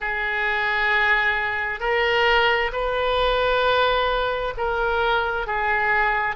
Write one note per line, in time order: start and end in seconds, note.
0.00 1.80 G#4
1.80 2.71 A#4
2.72 4.54 B4
4.57 5.47 A#4
5.47 6.35 G#4